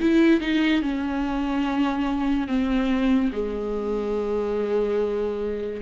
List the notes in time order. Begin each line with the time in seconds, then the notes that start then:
0.00 E4
0.40 D#4
0.82 C#4
2.48 C4
3.33 G#3